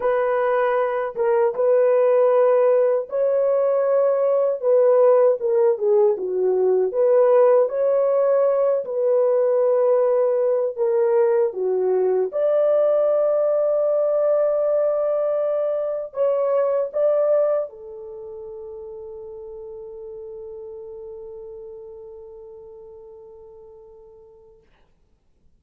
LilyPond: \new Staff \with { instrumentName = "horn" } { \time 4/4 \tempo 4 = 78 b'4. ais'8 b'2 | cis''2 b'4 ais'8 gis'8 | fis'4 b'4 cis''4. b'8~ | b'2 ais'4 fis'4 |
d''1~ | d''4 cis''4 d''4 a'4~ | a'1~ | a'1 | }